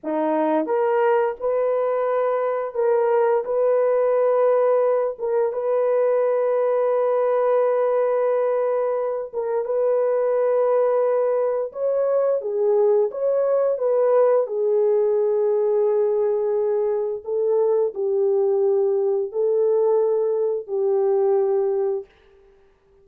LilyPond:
\new Staff \with { instrumentName = "horn" } { \time 4/4 \tempo 4 = 87 dis'4 ais'4 b'2 | ais'4 b'2~ b'8 ais'8 | b'1~ | b'4. ais'8 b'2~ |
b'4 cis''4 gis'4 cis''4 | b'4 gis'2.~ | gis'4 a'4 g'2 | a'2 g'2 | }